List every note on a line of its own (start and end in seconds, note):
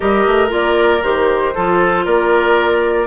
0.00 0.26 G3
0.00 0.49 G4
0.00 1.54 A#4
0.00 0.50 D#5
0.26 0.51 A3
0.49 1.02 A#3
0.49 1.00 F4
0.49 1.03 D5
1.03 1.54 D#3
1.03 1.54 G4
1.03 2.05 C5
1.54 2.06 F3
1.54 3.07 F4
1.54 2.05 A4
2.05 3.07 A#3
2.05 3.07 A#4
2.05 3.07 D5